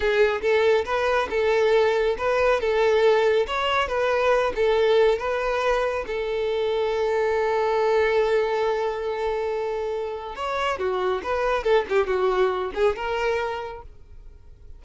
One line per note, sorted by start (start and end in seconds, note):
0.00 0.41 G#4
0.41 0.85 A4
0.85 1.28 B4
1.30 2.16 A4
2.18 2.60 B4
2.60 3.46 A4
3.46 3.88 C#5
3.88 4.52 B4
4.55 5.18 A4
5.18 6.04 B4
6.06 10.35 A4
10.35 10.78 C#5
10.79 11.22 F#4
11.23 11.63 B4
11.63 11.85 A4
11.89 12.06 G4
12.06 12.71 F#4
12.74 12.96 G#4
12.96 13.82 A#4